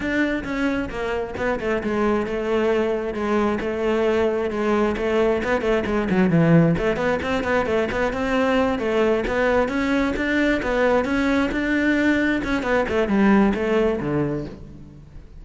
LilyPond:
\new Staff \with { instrumentName = "cello" } { \time 4/4 \tempo 4 = 133 d'4 cis'4 ais4 b8 a8 | gis4 a2 gis4 | a2 gis4 a4 | b8 a8 gis8 fis8 e4 a8 b8 |
c'8 b8 a8 b8 c'4. a8~ | a8 b4 cis'4 d'4 b8~ | b8 cis'4 d'2 cis'8 | b8 a8 g4 a4 d4 | }